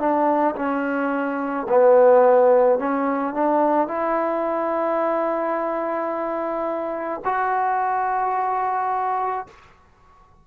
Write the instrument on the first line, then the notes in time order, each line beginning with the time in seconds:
trombone
0.00 D4
0.56 C#4
1.69 B3
2.79 C#4
3.34 D4
3.88 E4
7.25 F#4